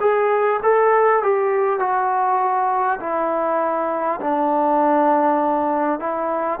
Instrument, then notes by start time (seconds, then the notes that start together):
trombone
0.00 G#4
0.62 A4
1.22 G4
1.79 F#4
3.00 E4
4.21 D4
5.99 E4